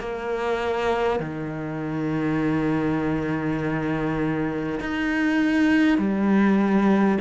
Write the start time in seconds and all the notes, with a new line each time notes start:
0.00 A#3
1.20 D#3
4.81 D#4
5.98 G3